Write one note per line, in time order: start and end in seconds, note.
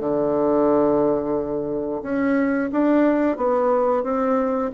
0.00 2.02 D3
2.03 2.70 C#4
2.72 3.37 D4
3.37 4.04 B3
4.04 4.71 C4